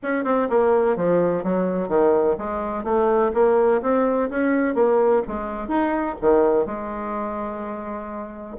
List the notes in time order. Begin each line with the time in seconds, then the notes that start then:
0.03 C#4
0.24 C4
0.49 A#3
0.96 F3
1.43 F#3
1.88 D#3
2.37 G#3
2.83 A3
3.33 A#3
3.81 C4
4.30 C#4
4.74 A#3
5.27 G#3
5.68 D#4
6.21 D#3
6.66 G#3